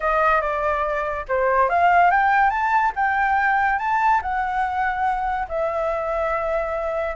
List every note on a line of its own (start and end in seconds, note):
0.00 0.41 D#5
0.41 1.25 D5
1.28 1.69 C5
1.69 2.11 F5
2.11 2.50 G5
2.50 2.92 A5
2.95 3.79 G5
3.79 4.21 A5
4.21 5.47 F#5
5.48 7.15 E5